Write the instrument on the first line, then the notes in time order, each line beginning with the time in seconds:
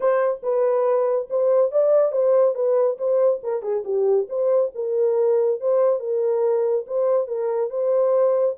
horn
0.00 C5
0.42 B4
1.30 C5
1.71 D5
2.12 C5
2.54 B4
2.98 C5
3.43 A#4
3.62 G#4
3.84 G4
4.29 C5
4.74 A#4
5.60 C5
5.99 A#4
6.86 C5
7.27 A#4
7.69 C5